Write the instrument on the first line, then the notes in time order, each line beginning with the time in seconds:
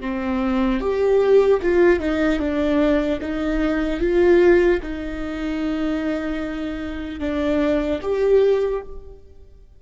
viola
0.00 C4
0.80 G4
1.62 F4
2.00 D#4
2.39 D4
3.21 D#4
4.00 F4
4.82 D#4
7.20 D4
8.01 G4